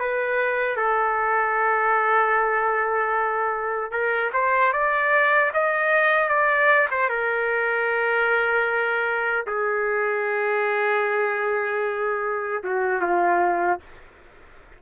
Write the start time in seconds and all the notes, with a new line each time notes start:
0.00 B4
0.77 A4
3.92 A#4
4.34 C5
4.73 D5
5.54 D#5
6.29 D5
6.92 C5
7.10 A#4
9.47 G#4
12.64 F#4
13.02 F4